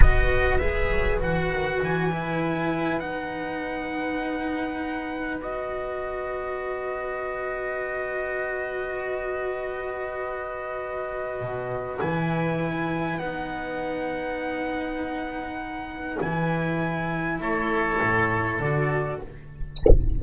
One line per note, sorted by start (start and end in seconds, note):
0.00 0.60 B3
0.00 0.59 F#4
0.00 17.38 B4
0.00 0.57 D#5
0.57 0.90 G#3
0.57 1.20 G#4
0.57 1.17 E5
0.90 1.20 F#3
1.20 1.51 E3
1.20 2.10 F#4
1.20 1.82 F#5
1.51 1.81 D#3
1.82 3.01 E3
1.82 2.99 G#5
2.12 3.00 E4
2.99 11.39 B3
2.99 5.40 D#4
2.99 5.39 F#5
5.41 12.00 F#4
5.41 12.00 D#5
11.39 12.00 B2
12.00 13.18 E3
12.00 13.20 E4
12.00 13.18 G#5
13.18 16.18 B3
13.18 16.20 D#4
13.18 16.18 F#5
16.20 17.40 E3
16.20 18.60 E4
16.20 17.40 G#5
17.40 18.00 A3
17.40 19.21 A4
17.40 18.60 C#5
18.01 18.59 A2
18.59 19.19 D3
18.59 19.23 F#4
18.59 19.20 D5